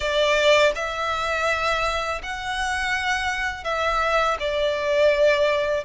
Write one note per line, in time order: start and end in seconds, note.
0.00 0.72 D5
0.75 2.21 E5
2.23 3.64 F#5
3.64 4.37 E5
4.39 5.84 D5